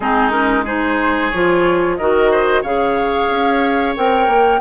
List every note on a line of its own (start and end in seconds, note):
0.00 1.32 G#3
0.00 0.30 C4
0.00 0.64 D#4
0.00 0.30 G#4
0.30 0.63 C#4
0.30 0.63 A#4
0.64 1.31 D#4
0.64 1.96 G#4
0.64 1.30 C5
1.30 1.99 F3
1.30 1.99 F4
1.30 1.96 C#5
1.96 2.62 D#3
1.96 2.64 F#4
1.96 2.31 A#4
1.96 2.62 D#5
2.31 2.61 C5
2.61 3.28 C#3
2.61 3.96 G#4
2.61 4.59 C#5
2.61 3.95 F5
3.29 3.95 C#4
3.96 4.27 C4
3.96 4.61 A#4
3.96 4.61 G5
4.27 4.60 A#3